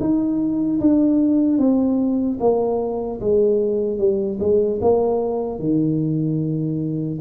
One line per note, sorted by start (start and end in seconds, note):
0.00 0.80 D#4
0.80 1.59 D4
1.59 2.39 C4
2.40 3.20 A#3
3.20 3.98 G#3
3.98 4.38 G3
4.40 4.80 G#3
4.81 5.59 A#3
5.59 7.19 D#3